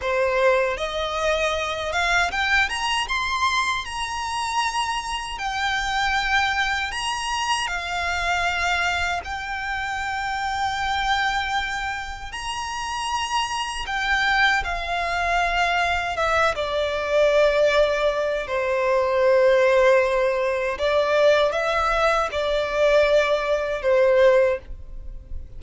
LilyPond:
\new Staff \with { instrumentName = "violin" } { \time 4/4 \tempo 4 = 78 c''4 dis''4. f''8 g''8 ais''8 | c'''4 ais''2 g''4~ | g''4 ais''4 f''2 | g''1 |
ais''2 g''4 f''4~ | f''4 e''8 d''2~ d''8 | c''2. d''4 | e''4 d''2 c''4 | }